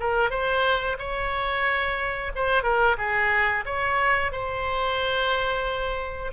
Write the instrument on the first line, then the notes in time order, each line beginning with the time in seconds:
oboe
0.00 A#4
0.31 C5
0.99 C#5
2.36 C5
2.63 A#4
2.98 G#4
3.66 C#5
4.32 C5